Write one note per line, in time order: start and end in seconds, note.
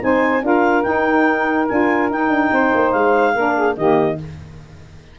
0.00 0.42 C4
0.00 0.41 D#4
0.00 0.44 C5
0.00 0.44 G#5
0.41 0.83 D4
0.41 0.82 F4
0.41 2.51 A#4
0.41 0.82 F5
0.82 1.65 D#4
0.82 1.68 D#4
0.82 1.66 G5
1.68 2.10 D4
1.68 2.09 F4
1.68 2.10 G#5
2.09 3.34 D#4
2.09 2.29 D#4
2.09 2.91 G5
2.29 2.49 D4
2.51 2.72 C4
2.51 3.34 C5
2.74 2.93 A#3
2.91 3.35 G#3
2.91 3.75 F5
3.34 3.77 A#3
3.34 3.76 D4
3.34 3.54 A#4
3.55 3.75 G#4
3.76 4.18 D#3
3.76 4.18 A#3
3.76 4.18 G4
3.76 4.17 D#5